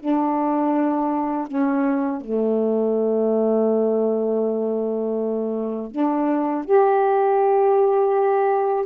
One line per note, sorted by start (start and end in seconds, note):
0.00 1.48 D4
1.48 2.21 C#4
2.21 5.91 A3
5.91 6.65 D4
6.65 8.86 G4